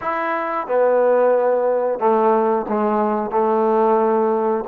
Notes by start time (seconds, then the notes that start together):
0.01 E4
0.67 B3
1.99 A3
2.68 G#3
3.31 A3